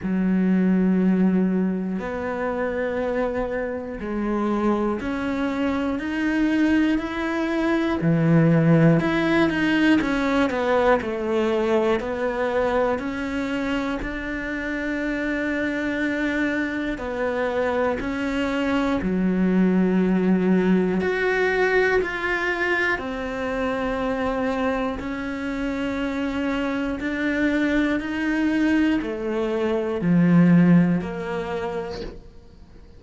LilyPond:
\new Staff \with { instrumentName = "cello" } { \time 4/4 \tempo 4 = 60 fis2 b2 | gis4 cis'4 dis'4 e'4 | e4 e'8 dis'8 cis'8 b8 a4 | b4 cis'4 d'2~ |
d'4 b4 cis'4 fis4~ | fis4 fis'4 f'4 c'4~ | c'4 cis'2 d'4 | dis'4 a4 f4 ais4 | }